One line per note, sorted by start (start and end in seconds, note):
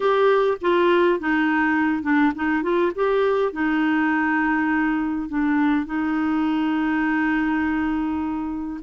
0.00 0.57 G4
0.61 1.19 F4
1.19 2.03 D#4
2.03 2.32 D4
2.35 2.62 D#4
2.62 2.92 F4
2.95 3.52 G4
3.52 5.28 D#4
5.29 5.86 D4
5.86 8.80 D#4